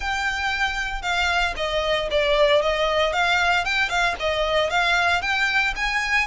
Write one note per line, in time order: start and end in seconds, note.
0.00 1.02 G5
1.02 1.54 F5
1.56 2.08 D#5
2.10 2.62 D5
2.62 3.12 D#5
3.12 3.64 F5
3.64 3.89 G5
3.89 4.15 F5
4.19 4.70 D#5
4.70 5.21 F5
5.21 5.73 G5
5.75 6.27 G#5